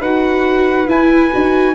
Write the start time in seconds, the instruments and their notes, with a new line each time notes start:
0.00 tuba D#4, viola F#4, flute B4, trumpet F#5
0.87 viola E4, tuba E4, trumpet G#5
1.32 tuba D#4, viola F#4